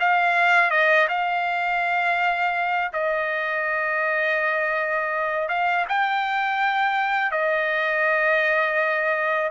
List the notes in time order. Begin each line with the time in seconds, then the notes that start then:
0.00 F5
0.71 D#5
1.08 F5
2.93 D#5
5.49 F5
5.88 G5
7.31 D#5